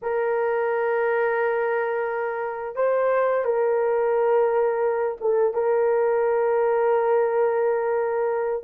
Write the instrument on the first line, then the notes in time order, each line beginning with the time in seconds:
horn
0.02 A#4
2.75 C5
3.45 A#4
5.20 A4
5.53 A#4